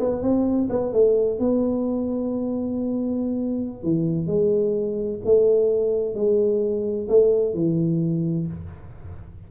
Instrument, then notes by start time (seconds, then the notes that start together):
tuba
0.00 B3
0.22 C4
0.70 B3
0.93 A3
1.40 B3
3.84 E3
4.27 G#3
5.25 A3
6.15 G#3
7.09 A3
7.55 E3